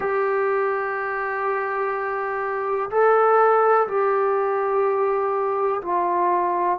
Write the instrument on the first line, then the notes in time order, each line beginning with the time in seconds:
trombone
0.00 G4
2.90 A4
3.87 G4
5.82 F4